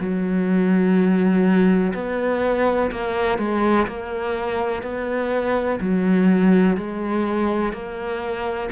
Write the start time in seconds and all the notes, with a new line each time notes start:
0.00 F#3
1.94 B3
2.92 A#3
3.39 G#3
3.88 A#3
4.83 B3
5.81 F#3
6.77 G#3
7.73 A#3